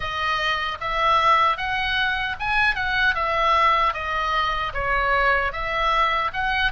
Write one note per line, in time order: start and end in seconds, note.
0.00 0.78 D#5
0.80 1.57 E5
1.57 2.36 F#5
2.39 2.75 G#5
2.75 3.14 F#5
3.14 3.93 E5
3.93 4.72 D#5
4.73 5.52 C#5
5.52 6.31 E5
6.33 6.71 F#5